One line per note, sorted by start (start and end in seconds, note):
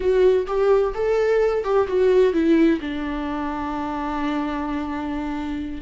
0.00 0.46 F#4
0.46 0.93 G4
0.94 1.63 A4
1.63 1.87 G4
1.87 2.33 F#4
2.33 2.79 E4
2.80 5.81 D4